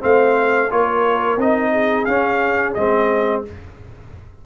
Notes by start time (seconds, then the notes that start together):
0.00 A3 C4 C5 F5
0.70 A#3 F4 A#4 C#5
1.37 C4 D#4 D#5
1.72 G#4
2.05 C#4 F5
2.74 G#3 C4 D#5